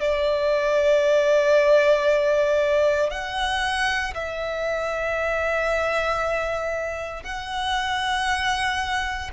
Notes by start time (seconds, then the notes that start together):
0.00 D5
3.10 F#5
4.14 E5
7.23 F#5